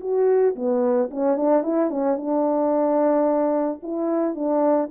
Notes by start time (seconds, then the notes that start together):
0.00 F#4
0.55 B3
1.11 C#4
1.36 D4
1.63 E4
1.90 C#4
2.17 D4
3.83 E4
4.35 D4